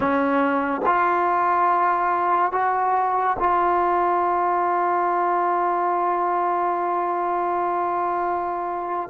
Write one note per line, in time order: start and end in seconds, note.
0.00 0.81 C#4
0.85 2.52 F4
2.52 3.36 F#4
3.39 9.09 F4